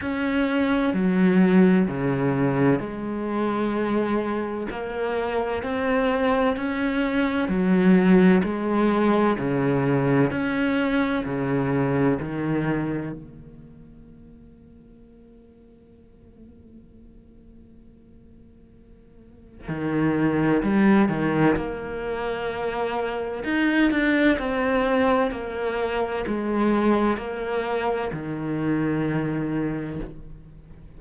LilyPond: \new Staff \with { instrumentName = "cello" } { \time 4/4 \tempo 4 = 64 cis'4 fis4 cis4 gis4~ | gis4 ais4 c'4 cis'4 | fis4 gis4 cis4 cis'4 | cis4 dis4 ais2~ |
ais1~ | ais4 dis4 g8 dis8 ais4~ | ais4 dis'8 d'8 c'4 ais4 | gis4 ais4 dis2 | }